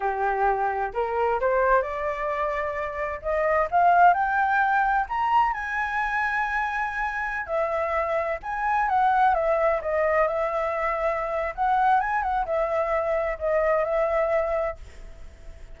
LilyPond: \new Staff \with { instrumentName = "flute" } { \time 4/4 \tempo 4 = 130 g'2 ais'4 c''4 | d''2. dis''4 | f''4 g''2 ais''4 | gis''1~ |
gis''16 e''2 gis''4 fis''8.~ | fis''16 e''4 dis''4 e''4.~ e''16~ | e''4 fis''4 gis''8 fis''8 e''4~ | e''4 dis''4 e''2 | }